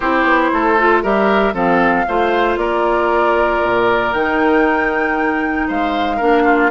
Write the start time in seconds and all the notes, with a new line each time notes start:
0.00 C4 E4 G4 C5
0.23 B3
0.53 A3 A4
0.78 F4
1.02 G3 G4 A#4 E5
1.53 F3 C4 A4 F5
2.07 A3 F4 C5
2.57 A#3 A#4 D5
3.62 A#2
4.13 D#3 D#4 G5
5.67 G#3 C5 F5
6.16 A#3 D4 A#4
6.44 F4